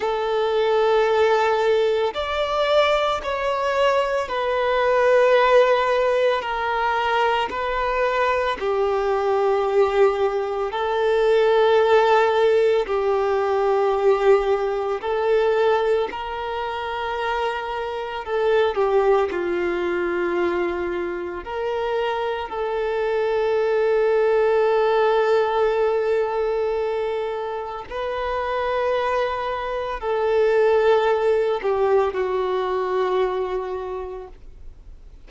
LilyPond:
\new Staff \with { instrumentName = "violin" } { \time 4/4 \tempo 4 = 56 a'2 d''4 cis''4 | b'2 ais'4 b'4 | g'2 a'2 | g'2 a'4 ais'4~ |
ais'4 a'8 g'8 f'2 | ais'4 a'2.~ | a'2 b'2 | a'4. g'8 fis'2 | }